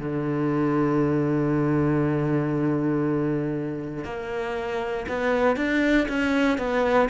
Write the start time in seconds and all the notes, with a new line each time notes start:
0.00 D3
4.05 A#3
5.08 B3
5.57 D4
6.08 C#4
6.58 B3